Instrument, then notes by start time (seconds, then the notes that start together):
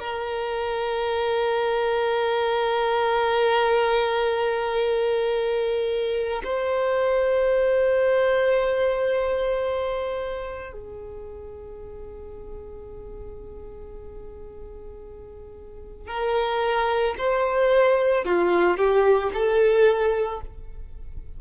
violin
0.00 A#4
6.44 C5
10.72 G#4
16.08 A#4
17.18 C5
18.25 F4
18.77 G4
19.34 A4